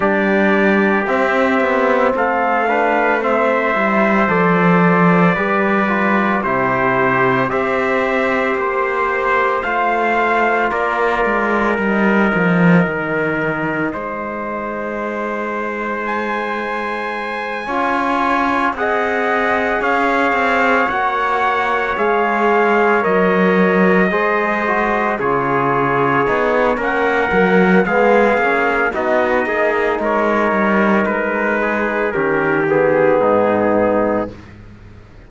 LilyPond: <<
  \new Staff \with { instrumentName = "trumpet" } { \time 4/4 \tempo 4 = 56 d''4 e''4 f''4 e''4 | d''2 c''4 e''4 | c''4 f''4 d''4 dis''4~ | dis''2. gis''4~ |
gis''4. fis''4 f''4 fis''8~ | fis''8 f''4 dis''2 cis''8~ | cis''4 fis''4 f''4 dis''4 | cis''4 b'4 ais'8 gis'4. | }
  \new Staff \with { instrumentName = "trumpet" } { \time 4/4 g'2 a'8 b'8 c''4~ | c''4 b'4 g'4 c''4~ | c''2 ais'2~ | ais'4 c''2.~ |
c''8 cis''4 dis''4 cis''4.~ | cis''2~ cis''8 c''4 gis'8~ | gis'4 ais'4 gis'4 fis'8 gis'8 | ais'4. gis'8 g'4 dis'4 | }
  \new Staff \with { instrumentName = "trombone" } { \time 4/4 d'4 c'4. d'8 c'8 e'8 | a'4 g'8 f'8 e'4 g'4~ | g'4 f'2 dis'4~ | dis'1~ |
dis'8 f'4 gis'2 fis'8~ | fis'8 gis'4 ais'4 gis'8 fis'8 f'8~ | f'8 dis'8 cis'8 ais8 b8 cis'8 dis'4~ | dis'2 cis'8 b4. | }
  \new Staff \with { instrumentName = "cello" } { \time 4/4 g4 c'8 b8 a4. g8 | f4 g4 c4 c'4 | ais4 a4 ais8 gis8 g8 f8 | dis4 gis2.~ |
gis8 cis'4 c'4 cis'8 c'8 ais8~ | ais8 gis4 fis4 gis4 cis8~ | cis8 b8 ais8 fis8 gis8 ais8 b8 ais8 | gis8 g8 gis4 dis4 gis,4 | }
>>